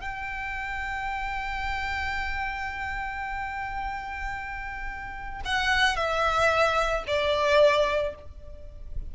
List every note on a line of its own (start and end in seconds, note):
0.00 5.41 G5
5.45 5.96 F#5
5.96 7.04 E5
7.07 8.15 D5